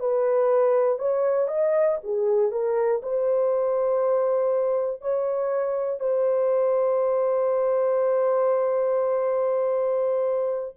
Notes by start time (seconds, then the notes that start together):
0.00 B4
0.99 C#5
1.48 D#5
2.04 G#4
2.51 A#4
3.03 C5
5.01 C#5
6.00 C5